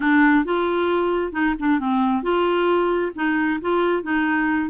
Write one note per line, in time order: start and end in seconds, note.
0.00 0.44 D4
0.44 1.32 F4
1.32 1.54 D#4
1.59 1.79 D4
1.79 2.22 C4
2.22 3.12 F4
3.15 3.60 D#4
3.61 4.02 F4
4.02 4.70 D#4